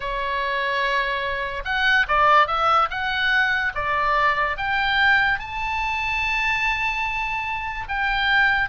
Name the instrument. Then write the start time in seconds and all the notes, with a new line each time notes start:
oboe
0.00 C#5
1.65 F#5
2.08 D5
2.47 E5
2.90 F#5
3.74 D5
4.57 G5
5.39 A5
7.88 G5